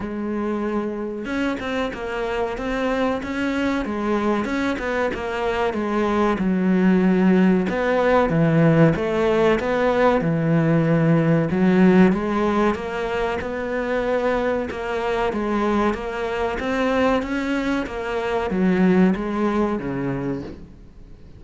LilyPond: \new Staff \with { instrumentName = "cello" } { \time 4/4 \tempo 4 = 94 gis2 cis'8 c'8 ais4 | c'4 cis'4 gis4 cis'8 b8 | ais4 gis4 fis2 | b4 e4 a4 b4 |
e2 fis4 gis4 | ais4 b2 ais4 | gis4 ais4 c'4 cis'4 | ais4 fis4 gis4 cis4 | }